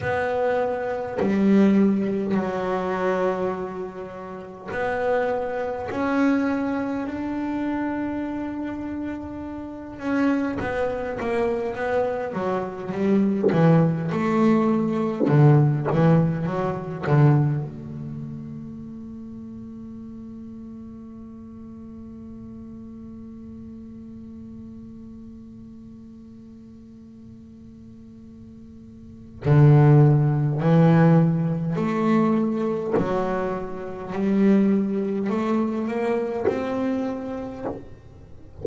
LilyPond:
\new Staff \with { instrumentName = "double bass" } { \time 4/4 \tempo 4 = 51 b4 g4 fis2 | b4 cis'4 d'2~ | d'8 cis'8 b8 ais8 b8 fis8 g8 e8 | a4 d8 e8 fis8 d8 a4~ |
a1~ | a1~ | a4 d4 e4 a4 | fis4 g4 a8 ais8 c'4 | }